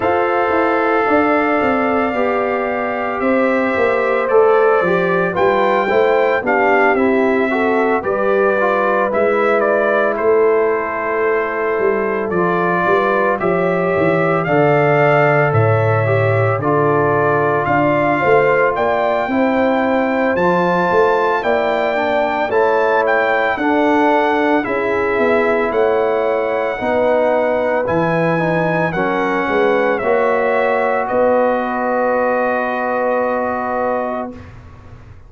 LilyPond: <<
  \new Staff \with { instrumentName = "trumpet" } { \time 4/4 \tempo 4 = 56 f''2. e''4 | d''4 g''4 f''8 e''4 d''8~ | d''8 e''8 d''8 c''2 d''8~ | d''8 e''4 f''4 e''4 d''8~ |
d''8 f''4 g''4. a''4 | g''4 a''8 g''8 fis''4 e''4 | fis''2 gis''4 fis''4 | e''4 dis''2. | }
  \new Staff \with { instrumentName = "horn" } { \time 4/4 c''4 d''2 c''4~ | c''4 b'8 c''8 g'4 a'8 b'8~ | b'4. a'2~ a'8 | b'8 cis''4 d''4 cis''4 a'8~ |
a'8 d''8 c''8 d''8 c''2 | d''4 cis''4 a'4 gis'4 | cis''4 b'2 ais'8 b'8 | cis''4 b'2. | }
  \new Staff \with { instrumentName = "trombone" } { \time 4/4 a'2 g'2 | a'8 g'8 f'8 e'8 d'8 e'8 fis'8 g'8 | f'8 e'2. f'8~ | f'8 g'4 a'4. g'8 f'8~ |
f'2 e'4 f'4 | e'8 d'8 e'4 d'4 e'4~ | e'4 dis'4 e'8 dis'8 cis'4 | fis'1 | }
  \new Staff \with { instrumentName = "tuba" } { \time 4/4 f'8 e'8 d'8 c'8 b4 c'8 ais8 | a8 f8 g8 a8 b8 c'4 g8~ | g8 gis4 a4. g8 f8 | g8 f8 e8 d4 a,4 d8~ |
d8 d'8 a8 ais8 c'4 f8 a8 | ais4 a4 d'4 cis'8 b8 | a4 b4 e4 fis8 gis8 | ais4 b2. | }
>>